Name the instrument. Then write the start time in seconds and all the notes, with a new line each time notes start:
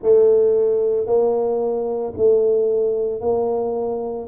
tuba
0.02 A3
1.06 A#3
2.16 A3
3.20 A#3